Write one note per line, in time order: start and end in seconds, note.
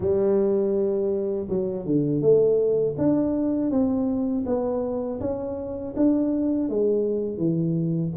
0.00 1.47 G3
1.48 1.86 F#3
1.86 2.21 D3
2.21 2.95 A3
2.98 3.70 D4
3.70 4.44 C4
4.46 5.20 B3
5.20 5.94 C#4
5.96 6.69 D4
6.69 7.37 G#3
7.37 8.11 E3